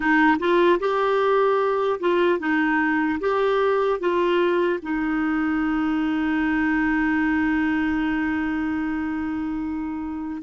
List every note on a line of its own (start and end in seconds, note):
0.00 0.37 D#4
0.39 0.79 F4
0.79 1.99 G4
2.00 2.39 F4
2.39 3.19 D#4
3.20 3.99 G4
3.99 4.79 F4
4.82 10.42 D#4